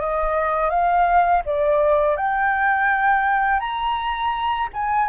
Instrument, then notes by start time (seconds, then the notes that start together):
flute
0.00 D#5
0.70 F5
1.45 D5
2.17 G5
3.60 A#5
4.73 G#5